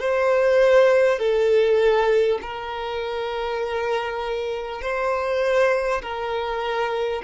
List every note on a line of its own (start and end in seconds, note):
0.00 1.19 C5
1.19 2.39 A4
2.42 4.82 A#4
4.82 6.02 C5
6.03 7.23 A#4